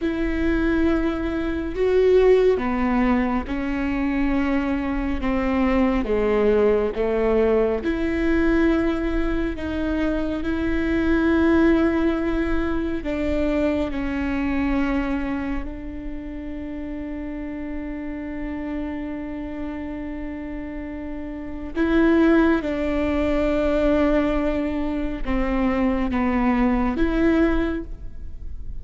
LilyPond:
\new Staff \with { instrumentName = "viola" } { \time 4/4 \tempo 4 = 69 e'2 fis'4 b4 | cis'2 c'4 gis4 | a4 e'2 dis'4 | e'2. d'4 |
cis'2 d'2~ | d'1~ | d'4 e'4 d'2~ | d'4 c'4 b4 e'4 | }